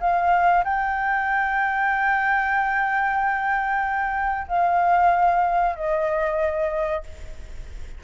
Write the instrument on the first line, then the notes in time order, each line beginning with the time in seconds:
flute
0.00 F5
0.64 G5
4.48 F5
5.76 D#5